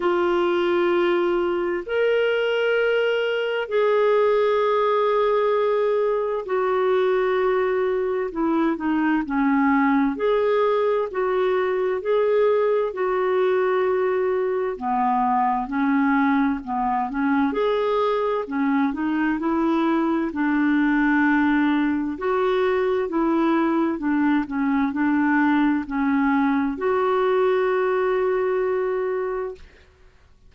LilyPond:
\new Staff \with { instrumentName = "clarinet" } { \time 4/4 \tempo 4 = 65 f'2 ais'2 | gis'2. fis'4~ | fis'4 e'8 dis'8 cis'4 gis'4 | fis'4 gis'4 fis'2 |
b4 cis'4 b8 cis'8 gis'4 | cis'8 dis'8 e'4 d'2 | fis'4 e'4 d'8 cis'8 d'4 | cis'4 fis'2. | }